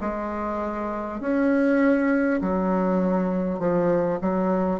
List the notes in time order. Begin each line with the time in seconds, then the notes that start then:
0.00 G#3
1.20 C#4
2.41 F#3
3.59 F3
4.21 F#3